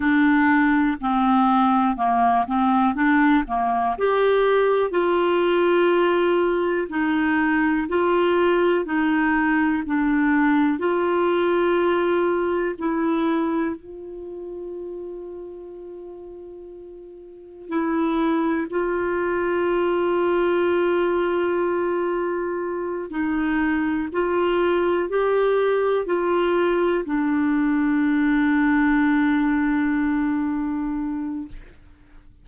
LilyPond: \new Staff \with { instrumentName = "clarinet" } { \time 4/4 \tempo 4 = 61 d'4 c'4 ais8 c'8 d'8 ais8 | g'4 f'2 dis'4 | f'4 dis'4 d'4 f'4~ | f'4 e'4 f'2~ |
f'2 e'4 f'4~ | f'2.~ f'8 dis'8~ | dis'8 f'4 g'4 f'4 d'8~ | d'1 | }